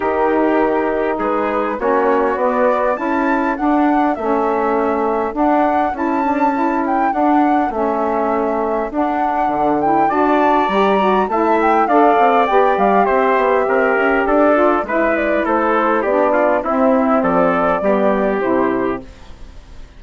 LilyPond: <<
  \new Staff \with { instrumentName = "flute" } { \time 4/4 \tempo 4 = 101 ais'2 b'4 cis''4 | d''4 a''4 fis''4 e''4~ | e''4 fis''4 a''4. g''8 | fis''4 e''2 fis''4~ |
fis''8 g''8 a''4 ais''4 a''8 g''8 | f''4 g''8 f''8 e''2 | d''4 e''8 d''8 c''4 d''4 | e''4 d''2 c''4 | }
  \new Staff \with { instrumentName = "trumpet" } { \time 4/4 g'2 gis'4 fis'4~ | fis'4 a'2.~ | a'1~ | a'1~ |
a'4 d''2 e''4 | d''2 c''4 ais'4 | a'4 b'4 a'4 g'8 f'8 | e'4 a'4 g'2 | }
  \new Staff \with { instrumentName = "saxophone" } { \time 4/4 dis'2. cis'4 | b4 e'4 d'4 cis'4~ | cis'4 d'4 e'8 d'8 e'4 | d'4 cis'2 d'4~ |
d'8 e'8 fis'4 g'8 fis'8 e'4 | a'4 g'2.~ | g'8 f'8 e'2 d'4 | c'2 b4 e'4 | }
  \new Staff \with { instrumentName = "bassoon" } { \time 4/4 dis2 gis4 ais4 | b4 cis'4 d'4 a4~ | a4 d'4 cis'2 | d'4 a2 d'4 |
d4 d'4 g4 a4 | d'8 c'8 b8 g8 c'8 b8 c'8 cis'8 | d'4 gis4 a4 b4 | c'4 f4 g4 c4 | }
>>